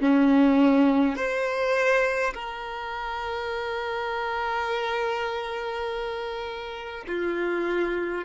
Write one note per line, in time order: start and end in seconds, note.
0.00 1.16 C#4
1.16 2.33 C5
2.34 7.04 A#4
7.07 8.25 F4